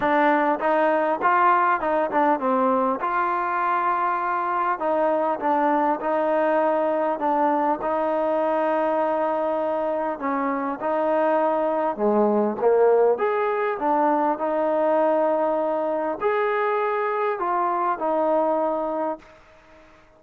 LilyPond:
\new Staff \with { instrumentName = "trombone" } { \time 4/4 \tempo 4 = 100 d'4 dis'4 f'4 dis'8 d'8 | c'4 f'2. | dis'4 d'4 dis'2 | d'4 dis'2.~ |
dis'4 cis'4 dis'2 | gis4 ais4 gis'4 d'4 | dis'2. gis'4~ | gis'4 f'4 dis'2 | }